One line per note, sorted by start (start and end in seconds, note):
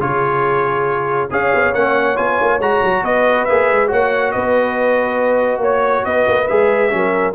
0.00 1.30 C#3
0.00 1.29 F4
0.00 1.31 G#4
0.00 1.30 C#5
1.31 1.53 C#4
1.31 1.74 G#4
1.31 3.04 C#5
1.31 1.74 F5
1.54 1.74 B3
1.74 2.17 A#3
1.74 2.16 C#4
1.74 2.17 F#5
2.16 2.40 B3
2.16 2.59 F4
2.16 2.60 G#5
2.41 2.59 A#3
2.59 2.80 G#3
2.59 3.48 F#4
2.59 3.04 A#5
2.84 3.03 F#3
3.03 3.47 B3
3.03 3.89 B4
3.03 3.45 D#5
3.45 3.71 A#3
3.45 3.87 G#4
3.45 3.88 E5
3.71 3.92 G#3
3.87 4.35 A#3
3.87 6.46 F#4
3.87 4.32 C#5
3.87 4.32 F#5
4.32 5.58 B3
4.32 5.62 B4
4.32 5.61 D#5
5.58 6.01 A#3
5.58 6.05 C#5
6.05 6.27 B3
6.05 6.93 B4
6.05 6.48 D#5
6.28 6.49 A#3
6.48 6.93 G#3
6.48 6.90 G#4
6.48 7.34 E5
6.90 7.35 F#3
6.90 7.33 C#4
6.90 7.35 A#4